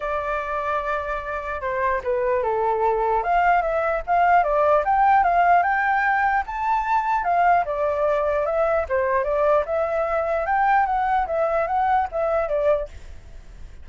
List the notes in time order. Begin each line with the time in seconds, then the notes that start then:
0.00 D5
1.61 C5
2.03 B4
2.42 A4
3.23 F5
3.61 E5
4.06 F5
4.43 D5
4.84 G5
5.23 F5
5.62 G5
6.46 A5
7.24 F5
7.65 D5
8.45 E5
8.88 C5
9.24 D5
9.65 E5
10.46 G5
10.86 F#5
11.27 E5
11.67 F#5
12.11 E5
12.48 D5